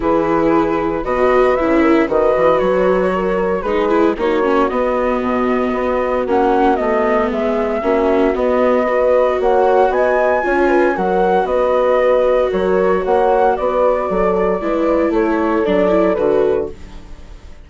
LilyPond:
<<
  \new Staff \with { instrumentName = "flute" } { \time 4/4 \tempo 4 = 115 b'2 dis''4 e''4 | dis''4 cis''2 b'4 | cis''4 dis''2. | fis''4 dis''4 e''2 |
dis''2 fis''4 gis''4~ | gis''4 fis''4 dis''2 | cis''4 fis''4 d''2~ | d''4 cis''4 d''4 b'4 | }
  \new Staff \with { instrumentName = "horn" } { \time 4/4 gis'2 b'4. ais'8 | b'2 ais'4 gis'4 | fis'1~ | fis'2 gis'4 fis'4~ |
fis'4 b'4 cis''4 dis''4 | cis''8 b'8 ais'4 b'2 | ais'4 cis''4 b'4 a'4 | b'4 a'2. | }
  \new Staff \with { instrumentName = "viola" } { \time 4/4 e'2 fis'4 e'4 | fis'2. dis'8 e'8 | dis'8 cis'8 b2. | cis'4 b2 cis'4 |
b4 fis'2. | f'4 fis'2.~ | fis'1 | e'2 d'8 e'8 fis'4 | }
  \new Staff \with { instrumentName = "bassoon" } { \time 4/4 e2 b,4 cis4 | dis8 e8 fis2 gis4 | ais4 b4 b,4 b4 | ais4 a4 gis4 ais4 |
b2 ais4 b4 | cis'4 fis4 b2 | fis4 ais4 b4 fis4 | gis4 a4 fis4 d4 | }
>>